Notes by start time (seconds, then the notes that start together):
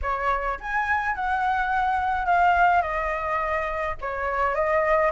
0.02 C#5
0.59 G#5
1.15 F#5
2.25 F5
2.81 D#5
4.01 C#5
4.54 D#5